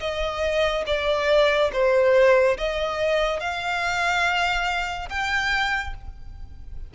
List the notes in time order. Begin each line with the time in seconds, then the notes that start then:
0.00 D#5
0.86 D5
1.73 C5
2.57 D#5
3.40 F5
5.09 G5